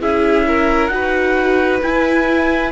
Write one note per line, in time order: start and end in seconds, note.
0.00 0.89 C#4
0.00 0.90 E4
0.00 0.46 G#4
0.00 0.87 E5
0.47 0.92 A#4
0.87 1.80 D#4
0.87 1.81 F#4
0.87 1.78 F#5
0.94 2.71 B4
1.81 2.71 E4
1.81 2.71 G#5